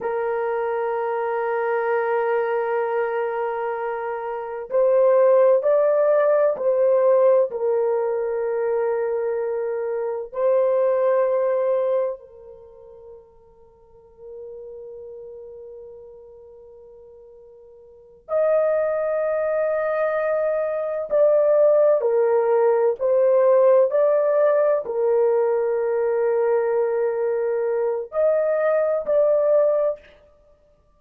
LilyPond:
\new Staff \with { instrumentName = "horn" } { \time 4/4 \tempo 4 = 64 ais'1~ | ais'4 c''4 d''4 c''4 | ais'2. c''4~ | c''4 ais'2.~ |
ais'2.~ ais'8 dis''8~ | dis''2~ dis''8 d''4 ais'8~ | ais'8 c''4 d''4 ais'4.~ | ais'2 dis''4 d''4 | }